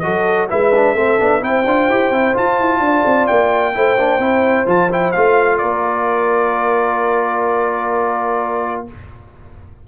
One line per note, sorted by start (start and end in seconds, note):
0.00 0.51 F#3
0.00 0.49 F#4
0.00 0.50 A4
0.00 0.47 D#5
0.49 0.94 G#3
0.49 0.72 E4
0.49 0.96 B4
0.49 1.44 E5
0.75 0.96 D4
0.94 1.17 A3
0.94 1.20 C4
0.94 1.43 A4
1.20 1.42 B3
1.20 1.41 D4
1.41 1.66 C4
1.41 1.64 E4
1.41 2.82 C5
1.41 2.37 G5
1.66 1.89 D4
1.66 1.90 F4
1.89 2.11 E4
1.89 2.13 G4
2.11 2.34 C4
2.11 2.34 E4
2.34 3.73 F4
2.34 2.60 F4
2.34 3.27 A5
2.60 2.80 E4
2.80 3.03 D4
2.80 3.76 D5
3.06 3.29 C4
3.27 3.76 A#3
3.27 4.67 G5
3.74 3.97 A3
3.74 3.97 E4
3.74 5.61 C5
3.97 4.19 A#3
3.97 4.20 D4
4.19 4.65 C4
4.19 4.66 E4
4.66 5.13 F3
4.66 4.90 F4
4.66 4.92 A5
4.91 5.15 E4
4.91 5.12 G5
5.12 5.62 A3
5.12 8.87 F4
5.12 5.58 F5
5.58 8.88 A#3
5.58 8.87 A#4
5.58 8.84 D5